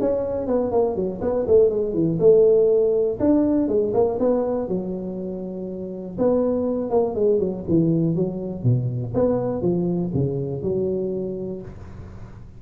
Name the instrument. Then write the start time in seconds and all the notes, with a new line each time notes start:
tuba
0.00 C#4
0.47 B3
0.71 A#3
0.96 F#3
1.21 B3
1.47 A3
1.69 G#3
1.94 E3
2.20 A3
3.20 D4
3.68 G#3
3.94 A#3
4.19 B3
4.68 F#3
6.18 B3
6.90 A#3
7.15 G#3
7.39 F#3
7.68 E3
8.15 F#3
8.63 B2
9.14 B3
9.62 F3
10.14 C#3
10.63 F#3